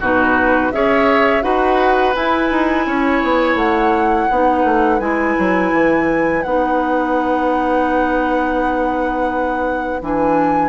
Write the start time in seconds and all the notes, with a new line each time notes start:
0.00 B2 D#4 F#4 B4
0.72 C#4 G#4 C#5 E5
1.42 D#4 F#4 B4 F#5
2.15 E4 G#5
2.51 D#4
2.86 C#4 C#5
3.23 B3
3.55 A3 F#5
4.29 B3 D#4 B4
4.64 A3
5.00 G#3 E4 G#5
5.39 F#3
5.73 E3
6.43 B3 D#4 F#5
10.01 E3 D4 G#5